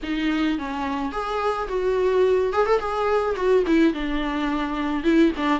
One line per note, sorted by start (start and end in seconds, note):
0.02 0.58 D#4
0.58 1.12 C#4
1.12 1.68 G#4
1.68 2.52 F#4
2.53 2.66 G#4
2.66 2.79 A4
2.79 3.35 G#4
3.35 3.63 F#4
3.66 3.93 E4
3.93 5.03 D4
5.03 5.31 E4
5.37 5.60 D4